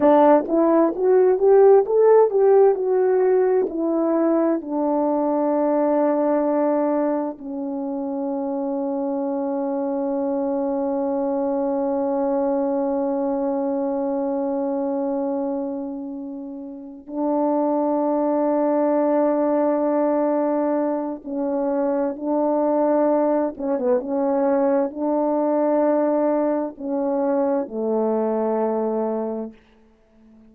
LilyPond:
\new Staff \with { instrumentName = "horn" } { \time 4/4 \tempo 4 = 65 d'8 e'8 fis'8 g'8 a'8 g'8 fis'4 | e'4 d'2. | cis'1~ | cis'1~ |
cis'2~ cis'8 d'4.~ | d'2. cis'4 | d'4. cis'16 b16 cis'4 d'4~ | d'4 cis'4 a2 | }